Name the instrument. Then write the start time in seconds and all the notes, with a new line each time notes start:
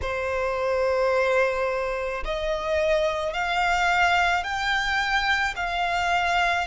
violin
0.01 C5
2.25 D#5
3.33 F5
4.43 G5
5.56 F5